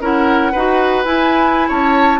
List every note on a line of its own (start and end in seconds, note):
0.00 0.52 C#4
0.00 0.53 E4
0.00 0.52 A#4
0.00 1.03 F#5
0.52 1.05 D#4
0.52 1.05 F#4
0.52 1.68 B4
1.03 1.69 E4
1.03 2.20 E4
1.03 1.68 G#5
1.68 2.20 C#4
1.68 2.20 C#5
1.68 2.20 A5